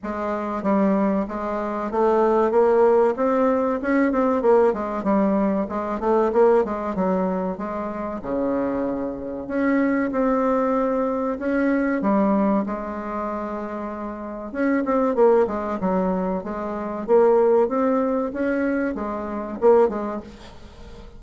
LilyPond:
\new Staff \with { instrumentName = "bassoon" } { \time 4/4 \tempo 4 = 95 gis4 g4 gis4 a4 | ais4 c'4 cis'8 c'8 ais8 gis8 | g4 gis8 a8 ais8 gis8 fis4 | gis4 cis2 cis'4 |
c'2 cis'4 g4 | gis2. cis'8 c'8 | ais8 gis8 fis4 gis4 ais4 | c'4 cis'4 gis4 ais8 gis8 | }